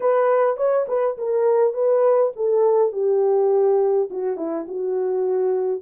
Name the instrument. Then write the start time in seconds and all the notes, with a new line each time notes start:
horn
0.00 B4
0.56 C#5
0.88 B4
1.17 A#4
1.73 B4
2.35 A4
2.92 G4
4.10 F#4
4.37 E4
4.68 F#4